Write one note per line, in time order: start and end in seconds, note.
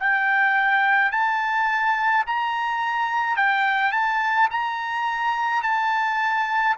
0.00 1.12 G5
1.12 2.25 A5
2.27 3.37 A#5
3.37 3.92 G5
3.92 4.49 A5
4.51 5.62 A#5
5.62 6.76 A5